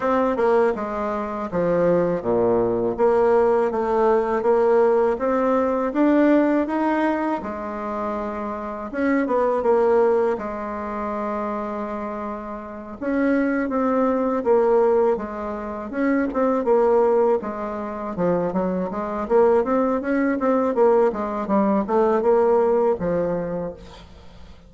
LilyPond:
\new Staff \with { instrumentName = "bassoon" } { \time 4/4 \tempo 4 = 81 c'8 ais8 gis4 f4 ais,4 | ais4 a4 ais4 c'4 | d'4 dis'4 gis2 | cis'8 b8 ais4 gis2~ |
gis4. cis'4 c'4 ais8~ | ais8 gis4 cis'8 c'8 ais4 gis8~ | gis8 f8 fis8 gis8 ais8 c'8 cis'8 c'8 | ais8 gis8 g8 a8 ais4 f4 | }